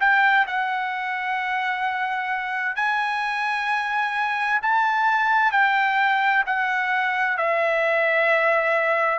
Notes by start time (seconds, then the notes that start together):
0.00 G5
0.47 F#5
2.76 G#5
4.62 A5
5.52 G5
6.47 F#5
7.38 E5